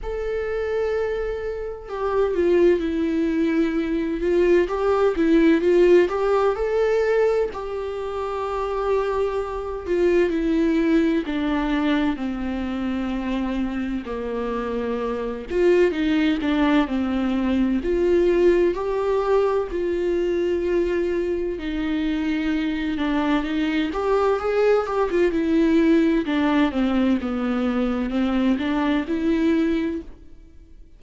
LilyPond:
\new Staff \with { instrumentName = "viola" } { \time 4/4 \tempo 4 = 64 a'2 g'8 f'8 e'4~ | e'8 f'8 g'8 e'8 f'8 g'8 a'4 | g'2~ g'8 f'8 e'4 | d'4 c'2 ais4~ |
ais8 f'8 dis'8 d'8 c'4 f'4 | g'4 f'2 dis'4~ | dis'8 d'8 dis'8 g'8 gis'8 g'16 f'16 e'4 | d'8 c'8 b4 c'8 d'8 e'4 | }